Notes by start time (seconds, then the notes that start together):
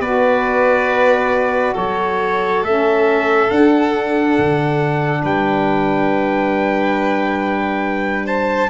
0.00 B3 F#4 B4 D5
1.74 F#3 A4 C#5
2.63 A3 C#4 E5
3.49 D4 F#5
4.39 D3
5.24 G3 B4 G5
8.26 C5 A5